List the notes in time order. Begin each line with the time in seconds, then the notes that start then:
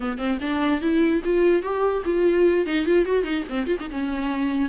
0.00 B3
0.18 C4
0.40 D4
0.81 E4
1.24 F4
1.62 G4
2.05 F4
2.65 D#4
2.85 F4
3.05 F#4
3.23 D#4
3.49 C4
3.66 F4
3.79 D#4
3.90 C#4